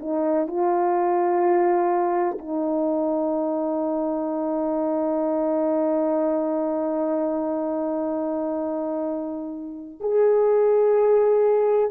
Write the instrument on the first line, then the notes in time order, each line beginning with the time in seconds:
horn
0.00 D#4
0.48 F4
2.39 D#4
10.00 G#4